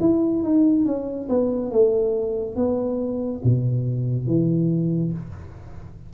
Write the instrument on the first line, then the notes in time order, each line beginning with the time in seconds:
tuba
0.00 E4
0.43 D#4
0.85 C#4
1.29 B3
1.71 A3
2.56 B3
3.44 B2
4.26 E3